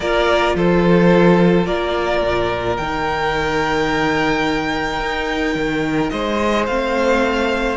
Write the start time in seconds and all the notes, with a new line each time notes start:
0.00 A#3 F4 A#4 D5
0.55 F3 A4 C5
1.66 A#3 A#4 D5
2.22 A#2
2.76 D#3 D#4 G5
4.99 D#4
5.55 D#3
6.09 G#3 C5 D#5
6.66 A3 C4 F5